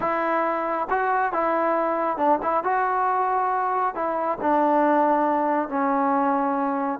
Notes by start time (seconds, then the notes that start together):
0.00 E4
0.89 F#4
1.32 E4
2.17 D4
2.42 E4
2.63 F#4
3.94 E4
4.41 D4
5.68 C#4